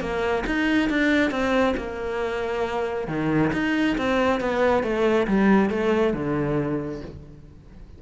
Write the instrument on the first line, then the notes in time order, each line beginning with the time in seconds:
cello
0.00 A#3
0.46 D#4
0.89 D4
1.30 C4
1.76 A#3
3.07 D#3
3.53 D#4
3.97 C4
4.40 B3
4.83 A3
5.27 G3
5.70 A3
6.13 D3